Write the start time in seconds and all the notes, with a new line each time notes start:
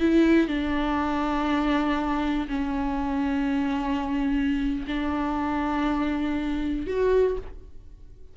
0.00 E4
0.47 D4
2.49 C#4
4.87 D4
6.87 F#4